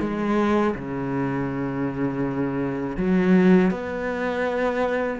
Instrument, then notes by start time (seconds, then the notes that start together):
cello
0.00 G#3
0.75 C#3
2.97 F#3
3.71 B3